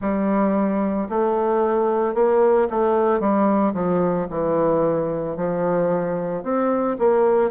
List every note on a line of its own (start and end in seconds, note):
0.01 1.08 G3
1.09 2.14 A3
2.14 2.68 A#3
2.69 3.19 A3
3.19 3.73 G3
3.73 4.27 F3
4.30 5.36 E3
5.36 6.43 F3
6.43 6.96 C4
6.98 7.50 A#3